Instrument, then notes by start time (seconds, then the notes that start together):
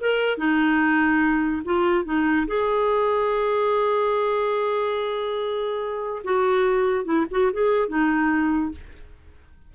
clarinet
0.00 A#4
0.37 D#4
1.65 F4
2.05 D#4
2.47 G#4
6.24 F#4
7.05 E4
7.30 F#4
7.52 G#4
7.88 D#4